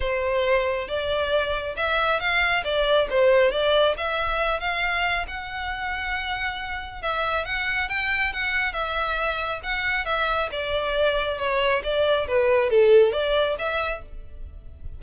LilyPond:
\new Staff \with { instrumentName = "violin" } { \time 4/4 \tempo 4 = 137 c''2 d''2 | e''4 f''4 d''4 c''4 | d''4 e''4. f''4. | fis''1 |
e''4 fis''4 g''4 fis''4 | e''2 fis''4 e''4 | d''2 cis''4 d''4 | b'4 a'4 d''4 e''4 | }